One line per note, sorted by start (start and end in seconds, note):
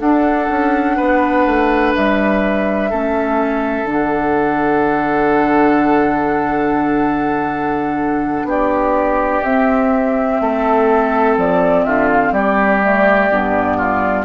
0.00 0.48 D4
0.00 2.90 D4
0.00 0.97 A4
0.00 1.94 F#5
0.50 0.98 C#4
0.97 1.46 B3
0.97 2.90 B4
1.46 1.94 A3
1.95 2.92 G3
1.95 3.89 E5
2.90 3.84 A3
2.90 3.86 C#4
2.90 8.47 A4
3.84 8.44 D3
3.84 9.42 D4
3.91 8.50 F#5
8.44 9.41 B3
8.44 10.42 G4
8.44 9.43 D5
9.43 10.40 C4
9.43 12.82 C4
9.43 11.37 E5
10.40 11.37 A3
10.40 11.85 A4
11.37 11.85 F3
11.37 11.84 D5
11.84 12.32 D3
11.84 12.33 F4
11.84 12.08 E5
12.13 12.34 F5
12.32 13.29 G3
12.32 13.77 G4
12.32 14.25 D5
12.82 13.30 A3
13.31 14.25 G2
13.31 14.25 B3
13.77 14.25 F4